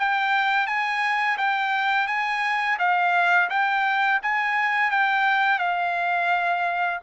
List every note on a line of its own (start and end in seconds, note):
0.00 0.67 G5
0.67 1.38 G#5
1.38 2.08 G5
2.08 2.78 G#5
2.79 3.50 F5
3.50 4.21 G5
4.23 4.91 G#5
4.91 5.59 G5
5.59 7.00 F5